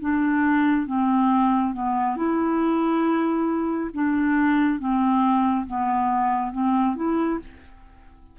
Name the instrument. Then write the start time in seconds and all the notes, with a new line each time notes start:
clarinet
0.00 D4
0.86 C4
1.73 B3
2.16 E4
3.93 D4
4.79 C4
5.66 B3
6.52 C4
6.95 E4